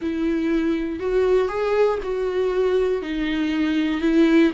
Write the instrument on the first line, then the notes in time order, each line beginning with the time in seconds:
viola
0.01 E4
0.99 F#4
1.48 G#4
2.02 F#4
3.02 D#4
4.01 E4